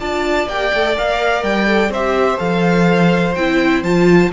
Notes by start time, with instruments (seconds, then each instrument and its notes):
0.00 cello D4, viola F4, violin D5 A5
0.48 cello A#3, viola G4, violin G5
0.74 cello A3, viola A4
0.97 cello A#3, viola A#4, violin F5
1.43 cello G3, violin G5
1.66 viola A4
1.89 cello C4, viola G4, violin C5 E5
2.38 cello F3, viola A4, violin F5
3.35 cello C4, viola E4, violin G5
3.83 cello F3, viola F4, violin A5